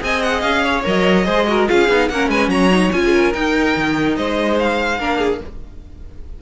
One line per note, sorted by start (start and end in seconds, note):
0.00 0.43 C4
0.00 0.83 G#4
0.00 0.64 D#5
0.00 0.23 G#5
0.23 0.41 F#5
0.41 0.84 C#4
0.41 0.82 F5
0.64 1.26 C#5
0.84 1.27 F#3
0.84 1.25 A#4
0.84 1.69 D#5
1.25 1.68 G#3
1.25 1.46 G#4
1.25 1.46 C5
1.48 1.68 F#4
1.48 1.69 A#4
1.68 1.89 C#4
1.68 1.88 F4
1.68 2.11 G#4
1.68 2.09 F5
1.89 2.10 B3
1.89 2.12 D#4
2.09 2.29 A#3
2.09 2.71 C#4
2.09 2.29 A#4
2.09 2.30 F#5
2.29 2.48 G#3
2.29 2.50 B4
2.29 2.50 G#5
2.48 2.90 F#3
2.48 3.01 C#5
2.48 2.91 A#5
2.71 2.92 D#4
2.92 3.34 C#4
2.92 3.33 F4
2.92 3.33 G#5
3.05 3.13 G#4
3.13 4.17 A#4
3.33 4.99 D#4
3.33 3.76 D#4
3.33 4.16 G5
3.76 4.17 D#3
4.17 4.99 G#3
4.17 4.99 C5
4.17 4.58 D#5
4.59 5.42 F5
4.99 5.41 A#3
4.99 5.41 D4
4.99 5.18 A#4
5.18 5.39 G#4